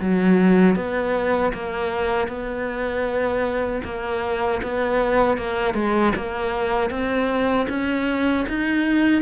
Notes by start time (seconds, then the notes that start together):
0.00 F#3
0.76 B3
1.53 A#3
2.28 B3
3.84 A#3
4.63 B3
5.37 A#3
5.74 G#3
6.16 A#3
6.90 C4
7.69 C#4
8.49 D#4